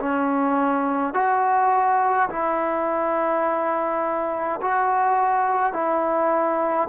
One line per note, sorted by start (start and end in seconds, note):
0.00 1.14 C#4
1.14 2.29 F#4
2.30 4.60 E4
4.62 5.73 F#4
5.73 6.89 E4